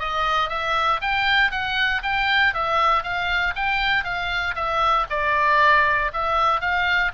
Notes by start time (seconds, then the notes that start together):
0.00 D#5
0.50 E5
1.02 G5
1.52 F#5
2.03 G5
2.54 E5
3.04 F5
3.56 G5
4.04 F5
4.56 E5
5.10 D5
6.13 E5
6.61 F5